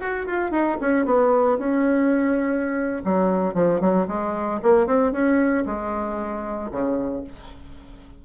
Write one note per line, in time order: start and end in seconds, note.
0.00 0.26 F#4
0.26 0.51 F4
0.51 0.77 D#4
0.81 1.05 C#4
1.05 1.58 B3
1.58 3.03 C#4
3.04 3.54 F#3
3.54 3.80 F3
3.80 4.07 F#3
4.08 4.60 G#3
4.62 4.87 A#3
4.87 5.12 C4
5.12 5.65 C#4
5.66 6.71 G#3
6.71 7.24 C#3